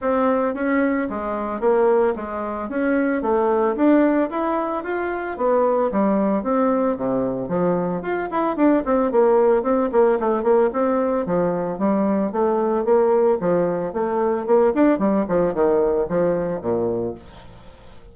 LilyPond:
\new Staff \with { instrumentName = "bassoon" } { \time 4/4 \tempo 4 = 112 c'4 cis'4 gis4 ais4 | gis4 cis'4 a4 d'4 | e'4 f'4 b4 g4 | c'4 c4 f4 f'8 e'8 |
d'8 c'8 ais4 c'8 ais8 a8 ais8 | c'4 f4 g4 a4 | ais4 f4 a4 ais8 d'8 | g8 f8 dis4 f4 ais,4 | }